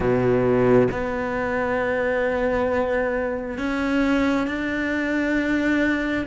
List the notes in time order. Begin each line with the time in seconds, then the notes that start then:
0.00 B2
0.91 B3
3.57 C#4
4.47 D4